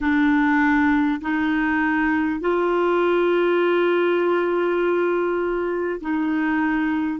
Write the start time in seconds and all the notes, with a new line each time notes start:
0.01 D4
1.21 D#4
2.40 F4
6.01 D#4